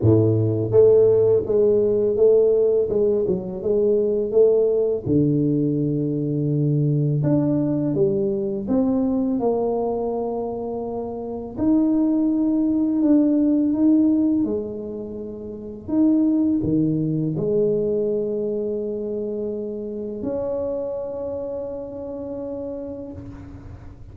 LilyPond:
\new Staff \with { instrumentName = "tuba" } { \time 4/4 \tempo 4 = 83 a,4 a4 gis4 a4 | gis8 fis8 gis4 a4 d4~ | d2 d'4 g4 | c'4 ais2. |
dis'2 d'4 dis'4 | gis2 dis'4 dis4 | gis1 | cis'1 | }